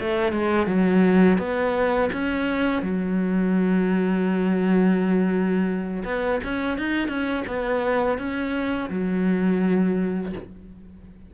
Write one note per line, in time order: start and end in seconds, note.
0.00 0.32 A3
0.32 0.67 G#3
0.67 1.38 F#3
1.39 2.10 B3
2.13 2.82 C#4
2.82 6.04 F#3
6.05 6.41 B3
6.44 6.78 C#4
6.78 7.08 D#4
7.08 7.44 C#4
7.47 8.19 B3
8.19 8.90 C#4
8.90 10.33 F#3